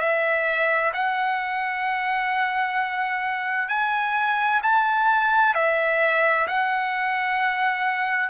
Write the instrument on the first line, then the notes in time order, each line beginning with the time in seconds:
trumpet
0.00 E5
0.94 F#5
3.69 G#5
4.63 A5
5.55 E5
6.48 F#5